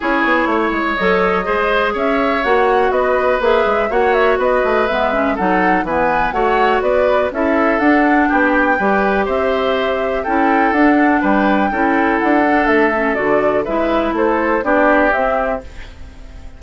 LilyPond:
<<
  \new Staff \with { instrumentName = "flute" } { \time 4/4 \tempo 4 = 123 cis''2 dis''2 | e''4 fis''4 dis''4 e''4 | fis''8 e''8 dis''4 e''4 fis''4 | gis''4 fis''4 d''4 e''4 |
fis''4 g''2 e''4~ | e''4 g''4 fis''4 g''4~ | g''4 fis''4 e''4 d''4 | e''4 c''4 d''4 e''4 | }
  \new Staff \with { instrumentName = "oboe" } { \time 4/4 gis'4 cis''2 c''4 | cis''2 b'2 | cis''4 b'2 a'4 | b'4 cis''4 b'4 a'4~ |
a'4 g'4 b'4 c''4~ | c''4 a'2 b'4 | a'1 | b'4 a'4 g'2 | }
  \new Staff \with { instrumentName = "clarinet" } { \time 4/4 e'2 a'4 gis'4~ | gis'4 fis'2 gis'4 | fis'2 b8 cis'8 dis'4 | b4 fis'2 e'4 |
d'2 g'2~ | g'4 e'4 d'2 | e'4. d'4 cis'8 fis'4 | e'2 d'4 c'4 | }
  \new Staff \with { instrumentName = "bassoon" } { \time 4/4 cis'8 b8 a8 gis8 fis4 gis4 | cis'4 ais4 b4 ais8 gis8 | ais4 b8 a8 gis4 fis4 | e4 a4 b4 cis'4 |
d'4 b4 g4 c'4~ | c'4 cis'4 d'4 g4 | cis'4 d'4 a4 d4 | gis4 a4 b4 c'4 | }
>>